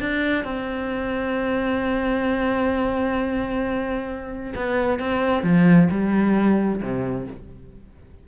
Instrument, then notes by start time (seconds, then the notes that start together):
cello
0.00 D4
0.44 C4
4.55 B3
5.00 C4
5.43 F3
5.91 G3
6.82 C3